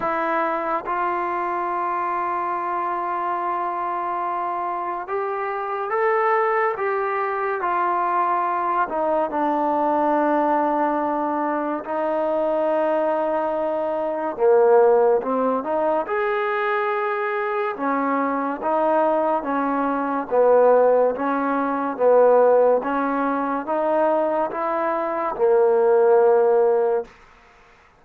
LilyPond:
\new Staff \with { instrumentName = "trombone" } { \time 4/4 \tempo 4 = 71 e'4 f'2.~ | f'2 g'4 a'4 | g'4 f'4. dis'8 d'4~ | d'2 dis'2~ |
dis'4 ais4 c'8 dis'8 gis'4~ | gis'4 cis'4 dis'4 cis'4 | b4 cis'4 b4 cis'4 | dis'4 e'4 ais2 | }